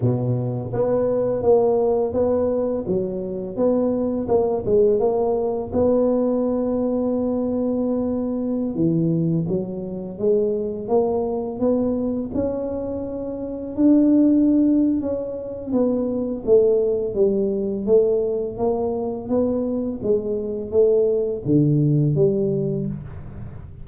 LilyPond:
\new Staff \with { instrumentName = "tuba" } { \time 4/4 \tempo 4 = 84 b,4 b4 ais4 b4 | fis4 b4 ais8 gis8 ais4 | b1~ | b16 e4 fis4 gis4 ais8.~ |
ais16 b4 cis'2 d'8.~ | d'4 cis'4 b4 a4 | g4 a4 ais4 b4 | gis4 a4 d4 g4 | }